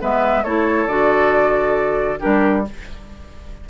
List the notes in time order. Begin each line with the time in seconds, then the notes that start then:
0.00 G#3 B3 B4 E5
0.43 A3 E4 A4 C#5
0.86 D3 F#4 D5
2.19 G3 D4 G4 A#4